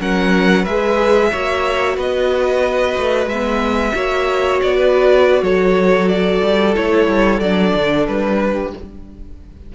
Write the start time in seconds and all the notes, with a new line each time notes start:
0.00 F#3 C#4 A#4 F#5
0.63 G#3 G#4 B4 E5
1.32 A#3 F#4 C#5
1.97 B3 B4 D#5
2.98 A3
3.27 G#3 E5
3.33 B3
3.95 A#3 F#4 C#5
4.62 B3 D5
4.77 B4
5.43 F#3 A4 C#5
6.09 D5
6.44 G3
6.75 A3 E4 C#5
7.08 G3
7.40 F#3 D4 D5
7.75 D3
8.07 G3 B4
8.40 G4